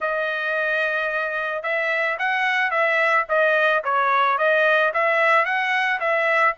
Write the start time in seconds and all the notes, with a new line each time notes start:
0.00 D#5
1.62 E5
2.18 F#5
2.70 E5
3.29 D#5
3.84 C#5
4.38 D#5
4.93 E5
5.45 F#5
6.00 E5